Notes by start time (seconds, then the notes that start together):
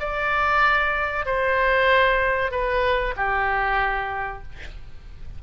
0.00 D5
1.26 C5
2.51 B4
3.17 G4